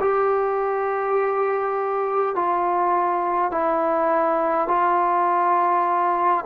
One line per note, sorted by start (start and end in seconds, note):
0.00 2.35 G4
2.35 3.51 F4
3.51 4.68 E4
4.68 6.44 F4